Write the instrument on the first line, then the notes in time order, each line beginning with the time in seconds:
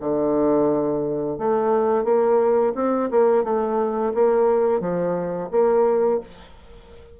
bassoon
0.00 D3
1.38 A3
2.04 A#3
2.75 C4
3.10 A#3
3.44 A3
4.14 A#3
4.80 F3
5.51 A#3